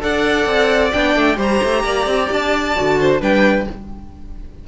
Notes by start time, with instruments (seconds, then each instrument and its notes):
0.00 cello D4, viola A4, violin D5 F#5
0.46 cello C4
0.91 cello B3, viola D4, violin G5
1.15 cello A3
1.36 cello G3, viola G4, violin C5 A#5
1.63 cello A3
1.83 cello A#3, violin D5
2.06 cello C4
2.30 cello D4, violin A5
2.76 cello D3, viola F#4
3.00 violin C5
3.20 cello G3, viola D4, violin B4 G5